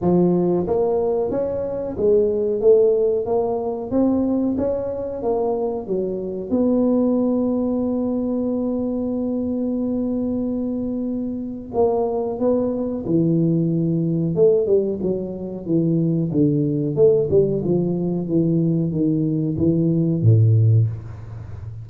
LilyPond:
\new Staff \with { instrumentName = "tuba" } { \time 4/4 \tempo 4 = 92 f4 ais4 cis'4 gis4 | a4 ais4 c'4 cis'4 | ais4 fis4 b2~ | b1~ |
b2 ais4 b4 | e2 a8 g8 fis4 | e4 d4 a8 g8 f4 | e4 dis4 e4 a,4 | }